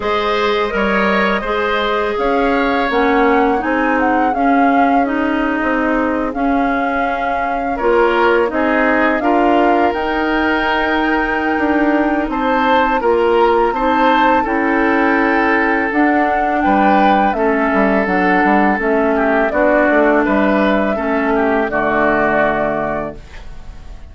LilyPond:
<<
  \new Staff \with { instrumentName = "flute" } { \time 4/4 \tempo 4 = 83 dis''2. f''4 | fis''4 gis''8 fis''8 f''4 dis''4~ | dis''8. f''2 cis''4 dis''16~ | dis''8. f''4 g''2~ g''16~ |
g''4 a''4 ais''4 a''4 | g''2 fis''4 g''4 | e''4 fis''4 e''4 d''4 | e''2 d''2 | }
  \new Staff \with { instrumentName = "oboe" } { \time 4/4 c''4 cis''4 c''4 cis''4~ | cis''4 gis'2.~ | gis'2~ gis'8. ais'4 gis'16~ | gis'8. ais'2.~ ais'16~ |
ais'4 c''4 ais'4 c''4 | a'2. b'4 | a'2~ a'8 g'8 fis'4 | b'4 a'8 g'8 fis'2 | }
  \new Staff \with { instrumentName = "clarinet" } { \time 4/4 gis'4 ais'4 gis'2 | cis'4 dis'4 cis'4 dis'4~ | dis'8. cis'2 f'4 dis'16~ | dis'8. f'4 dis'2~ dis'16~ |
dis'2 f'4 dis'4 | e'2 d'2 | cis'4 d'4 cis'4 d'4~ | d'4 cis'4 a2 | }
  \new Staff \with { instrumentName = "bassoon" } { \time 4/4 gis4 g4 gis4 cis'4 | ais4 c'4 cis'4.~ cis'16 c'16~ | c'8. cis'2 ais4 c'16~ | c'8. d'4 dis'2~ dis'16 |
d'4 c'4 ais4 c'4 | cis'2 d'4 g4 | a8 g8 fis8 g8 a4 b8 a8 | g4 a4 d2 | }
>>